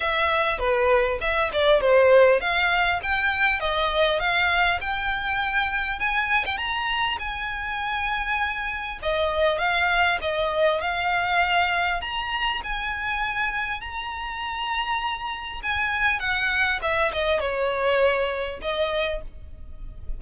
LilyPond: \new Staff \with { instrumentName = "violin" } { \time 4/4 \tempo 4 = 100 e''4 b'4 e''8 d''8 c''4 | f''4 g''4 dis''4 f''4 | g''2 gis''8. g''16 ais''4 | gis''2. dis''4 |
f''4 dis''4 f''2 | ais''4 gis''2 ais''4~ | ais''2 gis''4 fis''4 | e''8 dis''8 cis''2 dis''4 | }